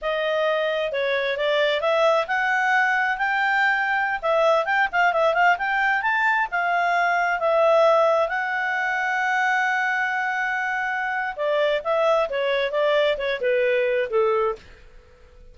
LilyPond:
\new Staff \with { instrumentName = "clarinet" } { \time 4/4 \tempo 4 = 132 dis''2 cis''4 d''4 | e''4 fis''2 g''4~ | g''4~ g''16 e''4 g''8 f''8 e''8 f''16~ | f''16 g''4 a''4 f''4.~ f''16~ |
f''16 e''2 fis''4.~ fis''16~ | fis''1~ | fis''4 d''4 e''4 cis''4 | d''4 cis''8 b'4. a'4 | }